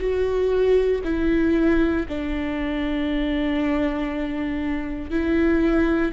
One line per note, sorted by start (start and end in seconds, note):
0.00 1.02 F#4
1.04 2.06 E4
2.09 5.11 D4
5.11 6.12 E4